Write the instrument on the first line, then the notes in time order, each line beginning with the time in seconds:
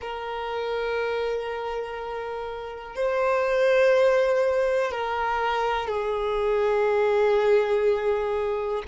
violin
0.00 A#4
2.95 C5
4.91 A#4
5.87 G#4